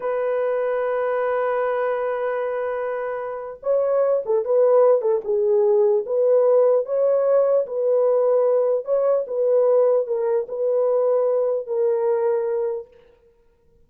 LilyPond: \new Staff \with { instrumentName = "horn" } { \time 4/4 \tempo 4 = 149 b'1~ | b'1~ | b'4 cis''4. a'8 b'4~ | b'8 a'8 gis'2 b'4~ |
b'4 cis''2 b'4~ | b'2 cis''4 b'4~ | b'4 ais'4 b'2~ | b'4 ais'2. | }